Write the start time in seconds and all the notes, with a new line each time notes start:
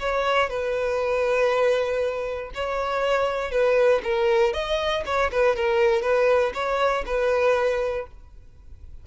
0.00 C#5
0.50 B4
2.55 C#5
3.52 B4
4.04 A#4
4.53 D#5
5.06 C#5
5.32 B4
5.56 A#4
6.03 B4
6.55 C#5
7.07 B4